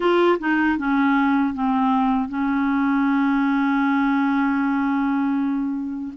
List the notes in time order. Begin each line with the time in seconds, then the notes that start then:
0.00 F4
0.39 D#4
0.77 C#4
1.53 C4
2.28 C#4